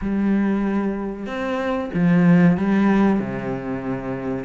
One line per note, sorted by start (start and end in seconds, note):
0.01 1.26 G3
1.26 1.90 C4
1.94 2.57 F3
2.57 3.19 G3
3.19 4.44 C3